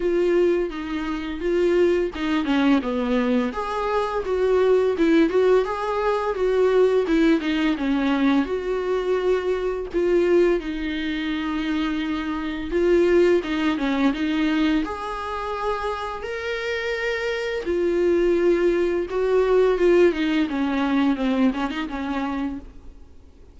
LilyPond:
\new Staff \with { instrumentName = "viola" } { \time 4/4 \tempo 4 = 85 f'4 dis'4 f'4 dis'8 cis'8 | b4 gis'4 fis'4 e'8 fis'8 | gis'4 fis'4 e'8 dis'8 cis'4 | fis'2 f'4 dis'4~ |
dis'2 f'4 dis'8 cis'8 | dis'4 gis'2 ais'4~ | ais'4 f'2 fis'4 | f'8 dis'8 cis'4 c'8 cis'16 dis'16 cis'4 | }